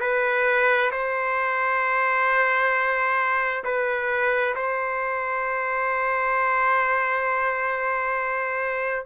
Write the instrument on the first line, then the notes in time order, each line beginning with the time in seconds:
trumpet
0.00 B4
0.91 C5
3.64 B4
4.55 C5